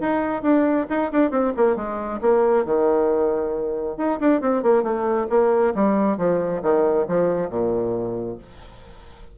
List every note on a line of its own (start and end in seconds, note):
0.00 0.42 D#4
0.42 0.86 D4
0.90 1.12 D#4
1.12 1.31 D4
1.31 1.53 C4
1.57 1.76 A#3
1.76 2.20 G#3
2.21 2.65 A#3
2.65 3.97 D#3
3.97 4.19 D#4
4.20 4.41 D4
4.41 4.63 C4
4.63 4.83 A#3
4.83 5.27 A3
5.30 5.74 A#3
5.75 6.17 G3
6.17 6.62 F3
6.62 7.06 D#3
7.08 7.49 F3
7.49 8.38 A#2